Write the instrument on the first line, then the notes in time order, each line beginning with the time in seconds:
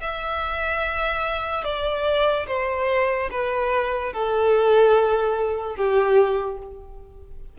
violin
0.00 E5
1.64 D5
2.47 C5
3.30 B4
4.13 A4
5.76 G4